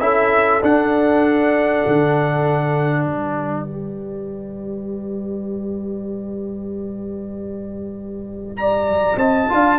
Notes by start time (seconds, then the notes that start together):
0.00 C#4 E4 A4 E5
0.62 D4 F#5
1.86 D3
3.05 G3 B4 D5
3.66 G4
8.57 D5 A#5
9.16 C4 D#5 A5
9.49 D4 F4 F5